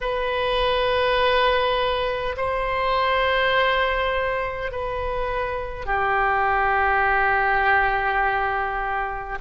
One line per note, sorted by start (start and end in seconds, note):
0.00 2.35 B4
2.36 4.71 C5
4.71 5.85 B4
5.85 9.38 G4